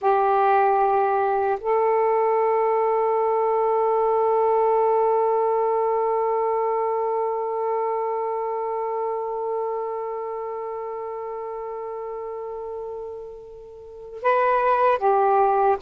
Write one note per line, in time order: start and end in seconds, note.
0.01 1.59 G4
1.60 14.22 A4
14.22 14.98 B4
14.98 15.77 G4